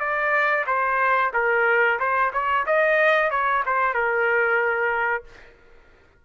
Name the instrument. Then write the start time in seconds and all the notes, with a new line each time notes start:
trumpet
0.00 D5
0.67 C5
1.34 A#4
2.00 C5
2.33 C#5
2.67 D#5
3.31 C#5
3.66 C5
3.94 A#4